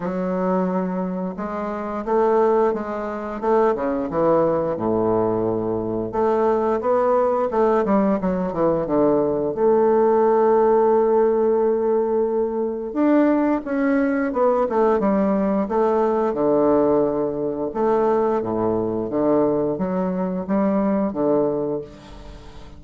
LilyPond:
\new Staff \with { instrumentName = "bassoon" } { \time 4/4 \tempo 4 = 88 fis2 gis4 a4 | gis4 a8 cis8 e4 a,4~ | a,4 a4 b4 a8 g8 | fis8 e8 d4 a2~ |
a2. d'4 | cis'4 b8 a8 g4 a4 | d2 a4 a,4 | d4 fis4 g4 d4 | }